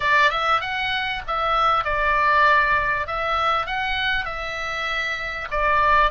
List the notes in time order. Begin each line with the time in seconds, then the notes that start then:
0.00 D5
0.30 E5
0.60 F#5
1.27 E5
1.84 D5
3.06 E5
3.66 F#5
4.25 E5
5.50 D5